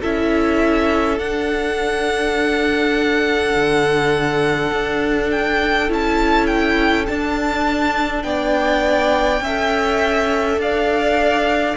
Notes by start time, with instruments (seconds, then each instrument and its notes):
0.00 cello C#4, viola E4, violin A4 E5
1.18 cello D4, viola D4, violin F#5
3.55 cello D3
4.72 cello D4
5.31 violin G5
5.89 cello C#4, viola E4, violin A5
6.46 violin G5
7.07 viola D4, cello D4, violin A5
8.23 cello B3, violin D5 G5
9.41 cello C#4, viola A4, violin E5
10.57 cello D4, violin D5 F5